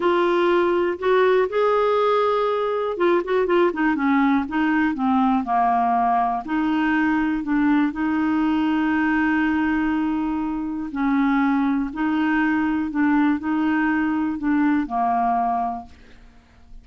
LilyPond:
\new Staff \with { instrumentName = "clarinet" } { \time 4/4 \tempo 4 = 121 f'2 fis'4 gis'4~ | gis'2 f'8 fis'8 f'8 dis'8 | cis'4 dis'4 c'4 ais4~ | ais4 dis'2 d'4 |
dis'1~ | dis'2 cis'2 | dis'2 d'4 dis'4~ | dis'4 d'4 ais2 | }